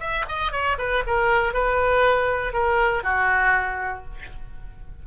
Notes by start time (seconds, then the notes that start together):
0.00 E5
0.28 D#5
0.52 C#5
0.78 B4
1.07 A#4
1.54 B4
2.53 A#4
3.03 F#4